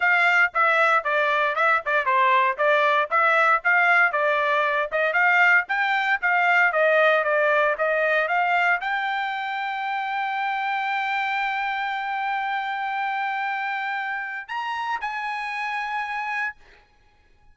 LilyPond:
\new Staff \with { instrumentName = "trumpet" } { \time 4/4 \tempo 4 = 116 f''4 e''4 d''4 e''8 d''8 | c''4 d''4 e''4 f''4 | d''4. dis''8 f''4 g''4 | f''4 dis''4 d''4 dis''4 |
f''4 g''2.~ | g''1~ | g''1 | ais''4 gis''2. | }